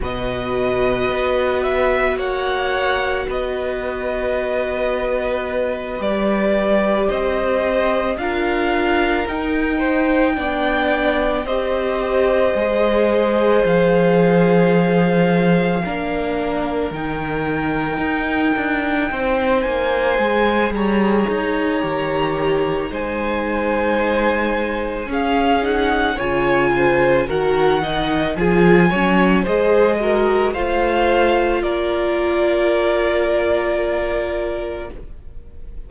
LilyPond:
<<
  \new Staff \with { instrumentName = "violin" } { \time 4/4 \tempo 4 = 55 dis''4. e''8 fis''4 dis''4~ | dis''4. d''4 dis''4 f''8~ | f''8 g''2 dis''4.~ | dis''8 f''2. g''8~ |
g''2 gis''4 ais''4~ | ais''4 gis''2 f''8 fis''8 | gis''4 fis''4 gis''4 dis''4 | f''4 d''2. | }
  \new Staff \with { instrumentName = "violin" } { \time 4/4 b'2 cis''4 b'4~ | b'2~ b'8 c''4 ais'8~ | ais'4 c''8 d''4 c''4.~ | c''2~ c''8 ais'4.~ |
ais'4. c''4. cis''4~ | cis''4 c''2 gis'4 | cis''8 c''8 ais'8 dis''8 gis'8 cis''8 c''8 ais'8 | c''4 ais'2. | }
  \new Staff \with { instrumentName = "viola" } { \time 4/4 fis'1~ | fis'4. g'2 f'8~ | f'8 dis'4 d'4 g'4 gis'8~ | gis'2~ gis'8 d'4 dis'8~ |
dis'2~ dis'8 gis'4. | g'4 dis'2 cis'8 dis'8 | f'4 fis'8 dis'8 f'8 cis'8 gis'8 fis'8 | f'1 | }
  \new Staff \with { instrumentName = "cello" } { \time 4/4 b,4 b4 ais4 b4~ | b4. g4 c'4 d'8~ | d'8 dis'4 b4 c'4 gis8~ | gis8 f2 ais4 dis8~ |
dis8 dis'8 d'8 c'8 ais8 gis8 g8 dis'8 | dis4 gis2 cis'4 | cis4 dis4 f8 fis8 gis4 | a4 ais2. | }
>>